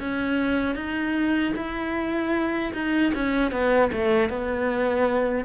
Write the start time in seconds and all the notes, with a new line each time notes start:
0.00 C#4
0.76 D#4
1.56 E4
2.74 D#4
3.15 C#4
3.52 B3
3.92 A3
4.30 B3